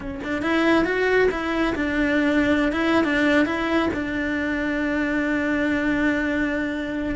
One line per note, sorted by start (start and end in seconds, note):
0.00 0.20 C#4
0.23 0.42 D4
0.42 0.85 E4
0.85 1.28 F#4
1.31 1.74 E4
1.75 2.72 D4
2.72 3.04 E4
3.04 3.45 D4
3.45 3.89 E4
3.93 7.15 D4